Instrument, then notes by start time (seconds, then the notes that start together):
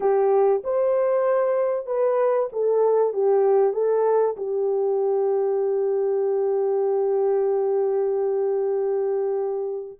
horn
0.00 G4
0.64 C5
1.86 B4
2.52 A4
3.13 G4
3.73 A4
4.36 G4